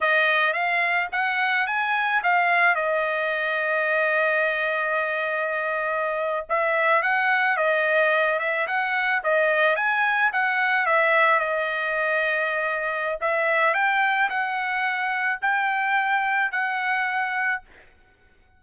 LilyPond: \new Staff \with { instrumentName = "trumpet" } { \time 4/4 \tempo 4 = 109 dis''4 f''4 fis''4 gis''4 | f''4 dis''2.~ | dis''2.~ dis''8. e''16~ | e''8. fis''4 dis''4. e''8 fis''16~ |
fis''8. dis''4 gis''4 fis''4 e''16~ | e''8. dis''2.~ dis''16 | e''4 g''4 fis''2 | g''2 fis''2 | }